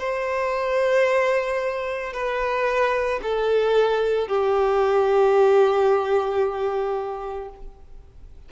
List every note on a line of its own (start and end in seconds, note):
0.00 2.14 C5
2.14 3.21 B4
3.23 4.28 A4
4.28 7.50 G4